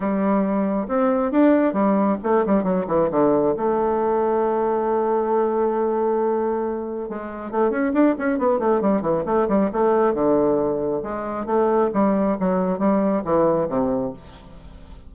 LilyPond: \new Staff \with { instrumentName = "bassoon" } { \time 4/4 \tempo 4 = 136 g2 c'4 d'4 | g4 a8 g8 fis8 e8 d4 | a1~ | a1 |
gis4 a8 cis'8 d'8 cis'8 b8 a8 | g8 e8 a8 g8 a4 d4~ | d4 gis4 a4 g4 | fis4 g4 e4 c4 | }